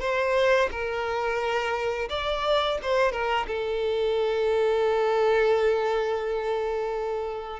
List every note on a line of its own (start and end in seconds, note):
0.00 0.69 C5
0.71 2.09 A#4
2.09 2.78 D5
2.82 3.12 C5
3.12 3.46 A#4
3.47 7.60 A4